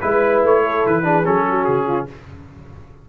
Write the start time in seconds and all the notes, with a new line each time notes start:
0.00 G#3 E4 B4
0.43 A3 C#5
0.62 A4
0.86 E3 B4
1.03 D4 G#4
1.25 F#3 C#4 A4
1.49 F#4
1.64 C#3 G#4
1.86 F4